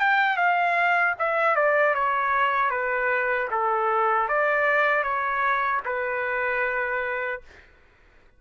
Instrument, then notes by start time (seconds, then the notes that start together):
trumpet
0.00 G5
0.37 F5
1.19 E5
1.55 D5
1.94 C#5
2.71 B4
3.51 A4
4.28 D5
5.03 C#5
5.85 B4